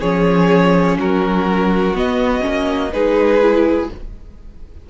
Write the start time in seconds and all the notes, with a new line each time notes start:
0.00 F3 C#4 G#4 C#5
0.98 F#3 F#4 A#4
1.94 B3 D#5
2.42 C#4
2.48 A#3
2.93 G#3 D#4 G#4 B4
3.42 E4